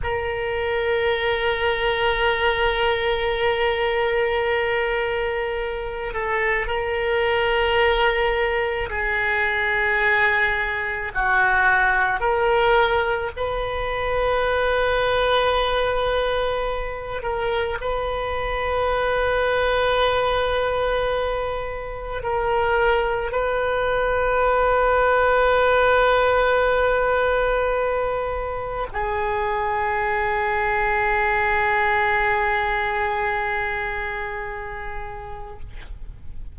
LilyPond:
\new Staff \with { instrumentName = "oboe" } { \time 4/4 \tempo 4 = 54 ais'1~ | ais'4. a'8 ais'2 | gis'2 fis'4 ais'4 | b'2.~ b'8 ais'8 |
b'1 | ais'4 b'2.~ | b'2 gis'2~ | gis'1 | }